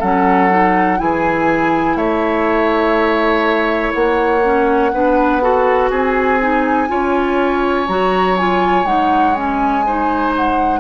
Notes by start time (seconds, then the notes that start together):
0.00 F#3 C#4 A4 F#5
0.50 D#4
0.98 E3 E4 G#4 G#5
1.96 A3 C#5 E5
3.94 A#3 F#5
4.43 C#4
4.93 B3 D4 B4
5.42 F#4 A4
5.91 C4 G#4 G#5
6.41 D#4
6.88 C#4 F4 C#5
7.88 F#3 F#4 A#5
8.38 F4 G#5
8.85 G#3 D#4 F#5
9.35 C#4 G#5
9.86 D#4 C5
10.36 F#5